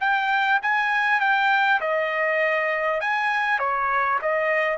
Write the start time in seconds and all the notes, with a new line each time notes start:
0.00 G5
0.62 G#5
1.20 G5
1.81 D#5
3.01 G#5
3.59 C#5
4.22 D#5